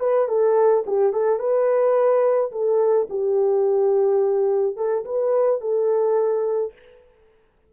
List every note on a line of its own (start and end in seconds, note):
0.00 0.28 B4
0.28 0.84 A4
0.86 1.13 G4
1.13 1.39 A4
1.39 2.51 B4
2.52 3.08 A4
3.10 4.77 G4
4.77 5.05 A4
5.05 5.61 B4
5.61 6.73 A4